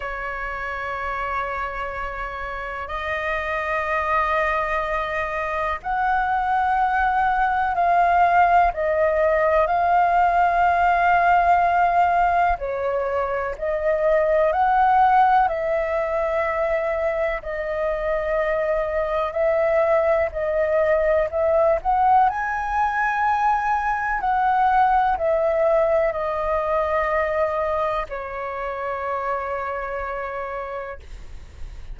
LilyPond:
\new Staff \with { instrumentName = "flute" } { \time 4/4 \tempo 4 = 62 cis''2. dis''4~ | dis''2 fis''2 | f''4 dis''4 f''2~ | f''4 cis''4 dis''4 fis''4 |
e''2 dis''2 | e''4 dis''4 e''8 fis''8 gis''4~ | gis''4 fis''4 e''4 dis''4~ | dis''4 cis''2. | }